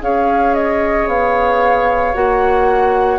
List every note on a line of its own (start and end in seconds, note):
0.00 1.07 C#4
0.00 2.14 G#4
0.00 3.19 C#5
0.00 0.54 F5
0.54 1.07 D#5
1.07 2.14 B3
1.07 2.15 F5
2.14 3.19 A#3
2.14 3.19 F#4
2.14 3.19 F#5